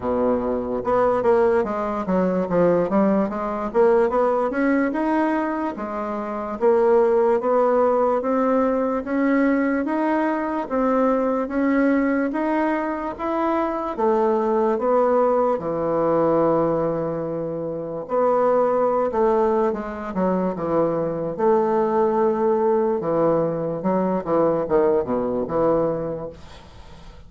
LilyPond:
\new Staff \with { instrumentName = "bassoon" } { \time 4/4 \tempo 4 = 73 b,4 b8 ais8 gis8 fis8 f8 g8 | gis8 ais8 b8 cis'8 dis'4 gis4 | ais4 b4 c'4 cis'4 | dis'4 c'4 cis'4 dis'4 |
e'4 a4 b4 e4~ | e2 b4~ b16 a8. | gis8 fis8 e4 a2 | e4 fis8 e8 dis8 b,8 e4 | }